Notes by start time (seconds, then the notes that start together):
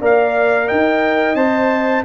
0.00 A#3 A#4 D5 F5
0.67 D#4 D#5 G5
1.35 C4 C5 A5